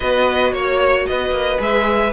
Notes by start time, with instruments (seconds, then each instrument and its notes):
0.00 cello B3, viola F#4, violin B4 D#5
0.52 cello A#3, violin C#5
1.06 cello B3, violin B4 D#5
1.31 cello A#3
1.57 cello G#3, viola G#4, violin E5